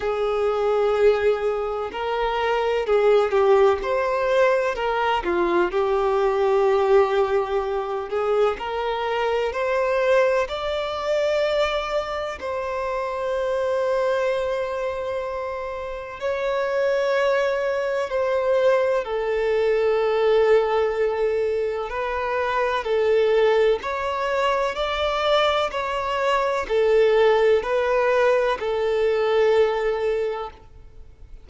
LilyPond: \new Staff \with { instrumentName = "violin" } { \time 4/4 \tempo 4 = 63 gis'2 ais'4 gis'8 g'8 | c''4 ais'8 f'8 g'2~ | g'8 gis'8 ais'4 c''4 d''4~ | d''4 c''2.~ |
c''4 cis''2 c''4 | a'2. b'4 | a'4 cis''4 d''4 cis''4 | a'4 b'4 a'2 | }